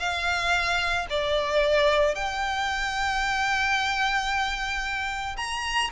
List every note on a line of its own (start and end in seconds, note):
0.00 1.07 F5
1.10 2.15 D5
2.15 5.37 G5
5.37 5.91 A#5